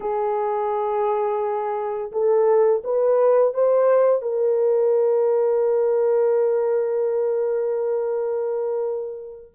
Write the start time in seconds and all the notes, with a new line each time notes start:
0.00 G#4
2.12 A4
2.84 B4
3.54 C5
4.22 A#4